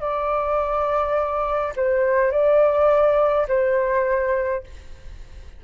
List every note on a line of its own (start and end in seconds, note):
0.00 1.73 D5
1.76 2.31 C5
2.31 3.47 D5
3.48 4.63 C5